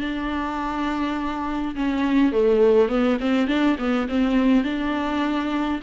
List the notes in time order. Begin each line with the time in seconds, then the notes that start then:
0.00 D4
1.75 C#4
2.32 A3
2.89 B3
3.20 C4
3.47 D4
3.78 B3
4.09 C4
4.64 D4